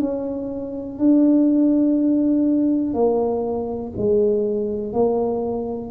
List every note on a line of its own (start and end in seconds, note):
0.00 0.98 C#4
0.98 2.93 D4
2.93 3.92 A#3
3.97 4.93 G#3
4.93 5.91 A#3